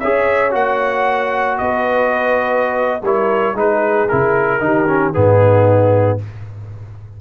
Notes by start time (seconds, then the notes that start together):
0.00 C#4 G#4 C#5 E5
0.51 A#3 F#4 F#5
1.58 B3 B4 D#5
3.02 G3 E4 A#4 C#5
3.54 G#3 D#4 G#4 B4
4.09 C#3 E4 A#4
4.60 D#3 D#4 G4
4.87 C#4
5.13 G#2 B3 D#4 G#4